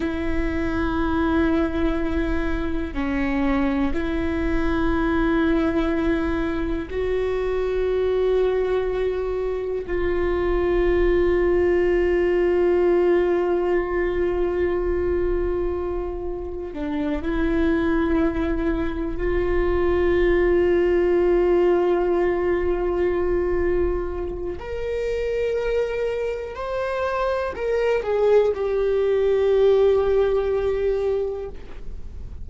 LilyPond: \new Staff \with { instrumentName = "viola" } { \time 4/4 \tempo 4 = 61 e'2. cis'4 | e'2. fis'4~ | fis'2 f'2~ | f'1~ |
f'4 d'8 e'2 f'8~ | f'1~ | f'4 ais'2 c''4 | ais'8 gis'8 g'2. | }